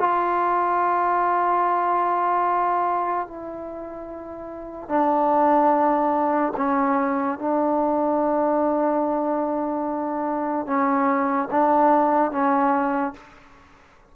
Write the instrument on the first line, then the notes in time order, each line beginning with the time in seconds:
trombone
0.00 F4
3.28 E4
4.89 D4
6.57 C#4
7.39 D4
10.67 C#4
11.51 D4
12.32 C#4